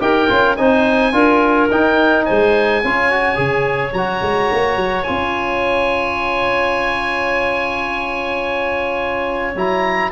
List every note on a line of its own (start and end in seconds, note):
0.00 0.29 D#4
0.00 0.28 G4
0.00 0.58 A#4
0.00 0.56 G5
0.28 0.57 C#4
0.28 0.56 F4
0.56 1.13 C4
0.56 1.12 D#4
0.56 1.13 C5
0.56 1.68 G#5
1.12 1.69 D4
1.12 1.68 F4
1.12 2.25 A#4
1.71 2.27 D#4
1.71 2.84 D#4
1.71 2.25 G5
2.25 2.84 G#3
2.25 2.81 C5
2.25 3.93 G#5
2.84 3.37 C#4
2.84 3.11 F4
2.84 10.11 C#5
3.11 3.35 F#4
3.35 3.93 C#3
3.35 3.91 G#4
3.93 4.21 F#3
3.93 5.06 F#4
3.93 5.03 A#5
4.21 4.50 G#3
4.51 4.76 A#3
4.76 5.04 F#3
5.03 9.55 C#4
5.03 9.54 F4
5.03 9.52 G#5
9.55 10.11 F#3
9.55 10.11 E4
9.55 10.11 A#5